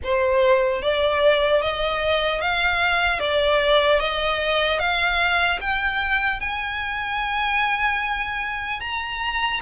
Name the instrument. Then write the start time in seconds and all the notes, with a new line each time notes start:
violin
0.03 C5
0.81 D5
1.62 D#5
2.41 F5
3.19 D5
3.99 D#5
4.79 F5
5.60 G5
6.40 G#5
8.80 A#5